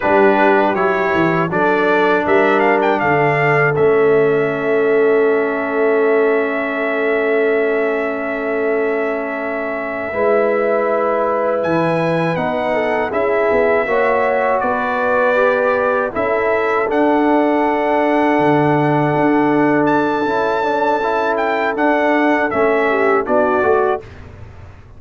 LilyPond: <<
  \new Staff \with { instrumentName = "trumpet" } { \time 4/4 \tempo 4 = 80 b'4 cis''4 d''4 e''8 f''16 g''16 | f''4 e''2.~ | e''1~ | e''2.~ e''8 gis''8~ |
gis''8 fis''4 e''2 d''8~ | d''4. e''4 fis''4.~ | fis''2~ fis''8 a''4.~ | a''8 g''8 fis''4 e''4 d''4 | }
  \new Staff \with { instrumentName = "horn" } { \time 4/4 g'2 a'4 ais'4 | a'1~ | a'1~ | a'4. b'2~ b'8~ |
b'4 a'8 gis'4 cis''4 b'8~ | b'4. a'2~ a'8~ | a'1~ | a'2~ a'8 g'8 fis'4 | }
  \new Staff \with { instrumentName = "trombone" } { \time 4/4 d'4 e'4 d'2~ | d'4 cis'2.~ | cis'1~ | cis'4. e'2~ e'8~ |
e'8 dis'4 e'4 fis'4.~ | fis'8 g'4 e'4 d'4.~ | d'2. e'8 d'8 | e'4 d'4 cis'4 d'8 fis'8 | }
  \new Staff \with { instrumentName = "tuba" } { \time 4/4 g4 fis8 e8 fis4 g4 | d4 a2.~ | a1~ | a4. gis2 e8~ |
e8 b4 cis'8 b8 ais4 b8~ | b4. cis'4 d'4.~ | d'8 d4 d'4. cis'4~ | cis'4 d'4 a4 b8 a8 | }
>>